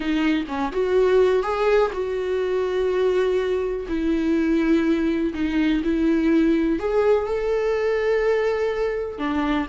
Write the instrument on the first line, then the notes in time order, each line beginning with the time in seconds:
viola
0.00 D#4
0.48 C#4
0.72 F#4
1.43 G#4
1.92 F#4
3.88 E4
5.34 D#4
5.83 E4
6.79 G#4
7.26 A4
9.18 D4